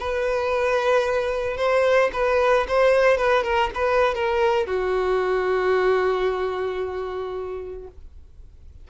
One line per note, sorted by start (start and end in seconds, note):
0.00 1.57 B4
1.57 2.11 C5
2.13 2.67 B4
2.69 3.18 C5
3.18 3.44 B4
3.44 3.70 A#4
3.75 4.15 B4
4.15 4.67 A#4
4.67 7.88 F#4